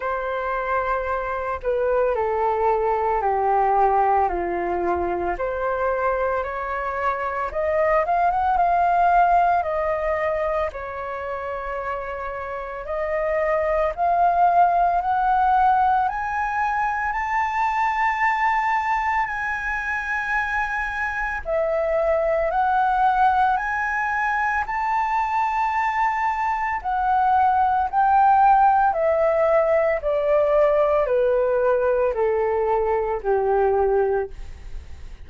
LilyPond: \new Staff \with { instrumentName = "flute" } { \time 4/4 \tempo 4 = 56 c''4. b'8 a'4 g'4 | f'4 c''4 cis''4 dis''8 f''16 fis''16 | f''4 dis''4 cis''2 | dis''4 f''4 fis''4 gis''4 |
a''2 gis''2 | e''4 fis''4 gis''4 a''4~ | a''4 fis''4 g''4 e''4 | d''4 b'4 a'4 g'4 | }